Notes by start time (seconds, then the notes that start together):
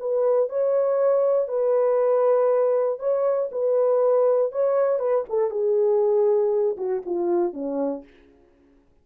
0.00 B4
0.50 C#5
1.48 B4
3.00 C#5
3.52 B4
4.52 C#5
5.00 B4
5.30 A4
5.51 G#4
6.77 F#4
7.06 F4
7.53 C#4